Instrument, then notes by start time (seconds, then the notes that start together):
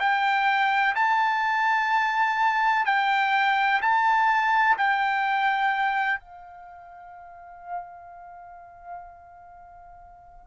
trumpet
0.00 G5
0.95 A5
2.86 G5
3.82 A5
4.77 G5
6.20 F5